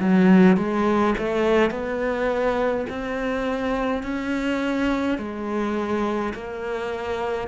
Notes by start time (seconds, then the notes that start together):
0.00 F#3
0.57 G#3
1.18 A3
1.71 B3
2.90 C4
4.03 C#4
5.18 G#3
6.34 A#3